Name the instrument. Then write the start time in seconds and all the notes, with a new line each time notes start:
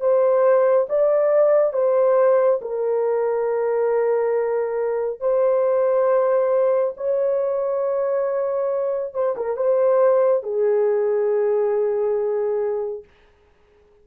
horn
0.00 C5
0.89 D5
1.73 C5
2.61 A#4
5.20 C5
6.97 C#5
9.14 C5
9.36 A#4
9.57 C5
10.43 G#4